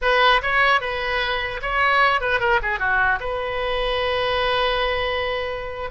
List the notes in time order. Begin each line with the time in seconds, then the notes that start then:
0.01 B4
0.42 C#5
0.81 B4
1.62 C#5
2.21 B4
2.40 A#4
2.62 G#4
2.79 F#4
3.19 B4